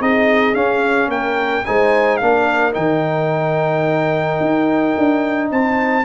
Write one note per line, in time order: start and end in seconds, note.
0.00 0.54 C4
0.00 0.54 D#4
0.00 1.10 G#4
0.00 0.54 D#5
0.54 1.08 C#4
0.54 1.64 C#4
0.54 1.10 F5
1.08 1.63 A#3
1.08 1.65 A#4
1.08 1.65 G5
1.65 2.21 G#3
1.65 2.22 D#4
1.65 2.21 C5
1.65 2.17 G#5
2.17 2.76 A#3
2.17 2.72 D4
2.17 2.72 F5
2.23 5.52 A#4
2.72 4.40 D#3
2.72 6.02 D#4
2.72 5.49 G5
4.40 4.95 D#4
4.98 5.51 D4
5.51 6.05 C4
5.51 6.05 C5
5.51 6.05 A5